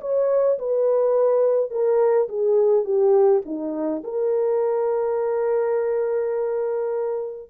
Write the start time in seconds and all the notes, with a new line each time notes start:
0.00 C#5
0.58 B4
1.70 A#4
2.28 G#4
2.84 G4
3.45 D#4
4.03 A#4